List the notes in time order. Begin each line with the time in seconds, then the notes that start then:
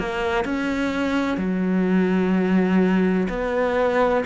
0.00 A#3
0.45 C#4
1.38 F#3
3.29 B3